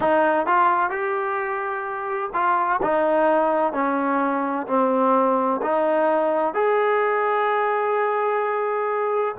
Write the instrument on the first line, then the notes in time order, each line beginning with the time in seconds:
trombone
0.00 D#4
0.46 F4
0.89 G4
2.33 F4
2.82 D#4
3.72 C#4
4.67 C4
5.62 D#4
6.54 G#4